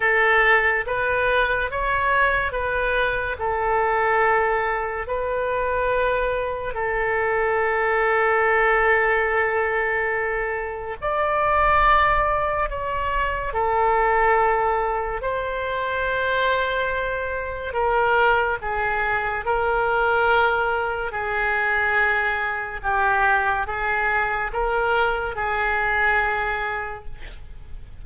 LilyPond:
\new Staff \with { instrumentName = "oboe" } { \time 4/4 \tempo 4 = 71 a'4 b'4 cis''4 b'4 | a'2 b'2 | a'1~ | a'4 d''2 cis''4 |
a'2 c''2~ | c''4 ais'4 gis'4 ais'4~ | ais'4 gis'2 g'4 | gis'4 ais'4 gis'2 | }